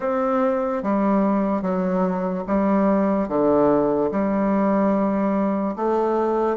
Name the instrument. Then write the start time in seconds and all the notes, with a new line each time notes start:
bassoon
0.00 C4
0.82 G3
1.61 F#3
2.47 G3
3.28 D3
4.11 G3
5.76 A3